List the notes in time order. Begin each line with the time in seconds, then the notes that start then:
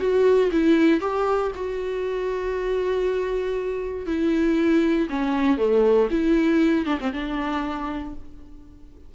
0.00 F#4
0.52 E4
1.01 G4
1.56 F#4
4.07 E4
5.10 C#4
5.58 A3
6.11 E4
6.86 D4
7.01 C4
7.13 D4